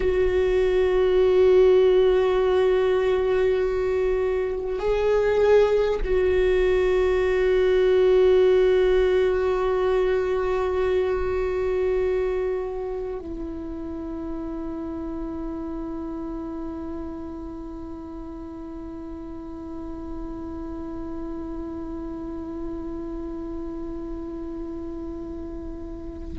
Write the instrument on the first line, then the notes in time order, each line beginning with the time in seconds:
viola
0.00 F#4
4.79 G#4
6.04 F#4
13.19 E4